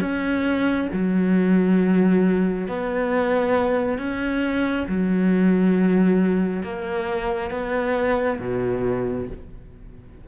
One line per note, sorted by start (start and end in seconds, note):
0.00 0.88 C#4
0.93 2.68 F#3
2.68 3.98 B3
3.98 4.86 C#4
4.88 6.63 F#3
6.63 7.50 A#3
7.50 8.39 B3
8.39 9.28 B2